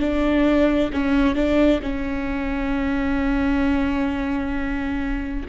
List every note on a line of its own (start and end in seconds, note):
0.00 0.91 D4
0.93 1.35 C#4
1.35 1.81 D4
1.82 5.46 C#4